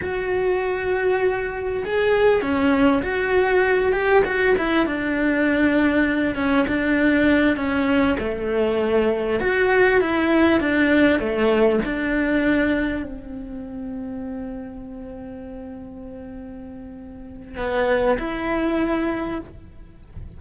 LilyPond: \new Staff \with { instrumentName = "cello" } { \time 4/4 \tempo 4 = 99 fis'2. gis'4 | cis'4 fis'4. g'8 fis'8 e'8 | d'2~ d'8 cis'8 d'4~ | d'8 cis'4 a2 fis'8~ |
fis'8 e'4 d'4 a4 d'8~ | d'4. c'2~ c'8~ | c'1~ | c'4 b4 e'2 | }